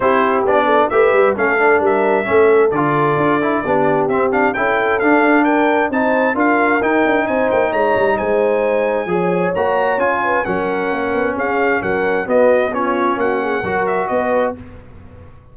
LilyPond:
<<
  \new Staff \with { instrumentName = "trumpet" } { \time 4/4 \tempo 4 = 132 c''4 d''4 e''4 f''4 | e''2 d''2~ | d''4 e''8 f''8 g''4 f''4 | g''4 a''4 f''4 g''4 |
gis''8 g''8 ais''4 gis''2~ | gis''4 ais''4 gis''4 fis''4~ | fis''4 f''4 fis''4 dis''4 | cis''4 fis''4. e''8 dis''4 | }
  \new Staff \with { instrumentName = "horn" } { \time 4/4 g'4. a'8 b'4 a'4 | ais'4 a'2. | g'2 a'2 | ais'4 c''4 ais'2 |
c''4 cis''4 c''2 | cis''2~ cis''8 b'8 ais'4~ | ais'4 gis'4 ais'4 fis'4 | f'4 fis'8 gis'8 ais'4 b'4 | }
  \new Staff \with { instrumentName = "trombone" } { \time 4/4 e'4 d'4 g'4 cis'8 d'8~ | d'4 cis'4 f'4. e'8 | d'4 c'8 d'8 e'4 d'4~ | d'4 dis'4 f'4 dis'4~ |
dis'1 | gis'4 fis'4 f'4 cis'4~ | cis'2. b4 | cis'2 fis'2 | }
  \new Staff \with { instrumentName = "tuba" } { \time 4/4 c'4 b4 a8 g8 a4 | g4 a4 d4 d'4 | b4 c'4 cis'4 d'4~ | d'4 c'4 d'4 dis'8 d'8 |
c'8 ais8 gis8 g8 gis2 | f4 ais4 cis'4 fis4 | ais8 b8 cis'4 fis4 b4~ | b4 ais4 fis4 b4 | }
>>